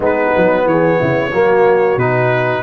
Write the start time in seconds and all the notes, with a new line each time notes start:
0.00 G#3 B3 D#4 B4
0.36 F#3
0.65 E3 G#4 C#5
0.99 C#3 E4
1.32 F#3 A#3 F#4
1.96 B2 D#4 B4